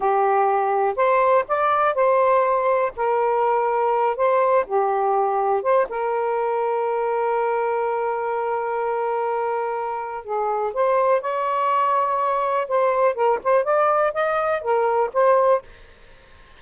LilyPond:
\new Staff \with { instrumentName = "saxophone" } { \time 4/4 \tempo 4 = 123 g'2 c''4 d''4 | c''2 ais'2~ | ais'8 c''4 g'2 c''8 | ais'1~ |
ais'1~ | ais'4 gis'4 c''4 cis''4~ | cis''2 c''4 ais'8 c''8 | d''4 dis''4 ais'4 c''4 | }